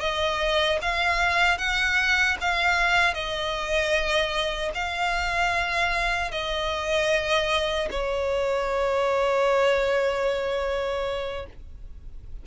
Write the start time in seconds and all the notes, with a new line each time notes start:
0.00 D#5
0.82 F5
1.58 F#5
2.41 F5
3.14 D#5
4.74 F5
6.31 D#5
7.91 C#5